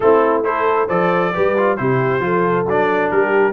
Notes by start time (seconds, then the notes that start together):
0.00 A3 C4 E4 A4
0.43 E4 A4 C5
0.86 F3 A4 C5 D5
1.33 G3 G4 B4
1.57 F4
1.76 C3 E4 G4 C5
2.20 F3 F4 A4
2.66 F#3 D4 D5
3.10 G3 G4 A#4